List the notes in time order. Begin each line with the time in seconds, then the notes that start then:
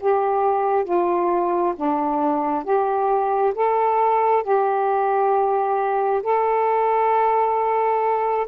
0.00 G4
0.84 F4
1.76 D4
2.64 G4
3.55 A4
4.43 G4
6.23 A4